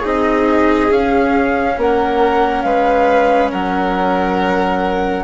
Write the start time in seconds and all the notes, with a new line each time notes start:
0.00 C4 D#4 G#4 D#5
0.91 C#4 F5
1.78 A#3 A#4 F#5
2.62 G#3 B4 F5
3.51 F#3 A#4 F#5